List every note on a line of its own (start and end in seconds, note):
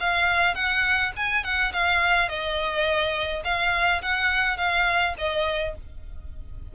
0.00 0.55 F5
0.55 1.12 F#5
1.16 1.44 G#5
1.44 1.72 F#5
1.73 2.29 F5
2.29 3.43 D#5
3.44 4.02 F5
4.02 4.57 F#5
4.57 5.14 F5
5.18 5.75 D#5